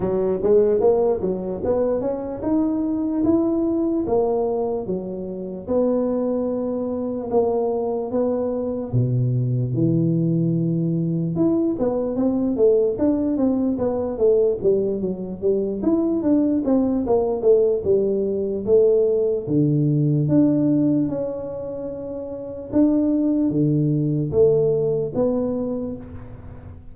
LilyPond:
\new Staff \with { instrumentName = "tuba" } { \time 4/4 \tempo 4 = 74 fis8 gis8 ais8 fis8 b8 cis'8 dis'4 | e'4 ais4 fis4 b4~ | b4 ais4 b4 b,4 | e2 e'8 b8 c'8 a8 |
d'8 c'8 b8 a8 g8 fis8 g8 e'8 | d'8 c'8 ais8 a8 g4 a4 | d4 d'4 cis'2 | d'4 d4 a4 b4 | }